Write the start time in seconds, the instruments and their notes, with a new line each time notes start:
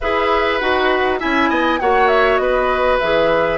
0.00 bassoon E4, clarinet G#4, oboe B4, flute E5
0.58 bassoon D#4, clarinet F#4, flute F#5
1.19 bassoon C#4, clarinet E4, oboe E5, flute G#5
1.49 bassoon B3, oboe D#5
1.80 bassoon A#3, clarinet F#4, oboe C#5, flute F#5
2.07 flute E5
2.37 bassoon B3, oboe B4, flute D#5
2.99 bassoon E3, clarinet G#4, flute E5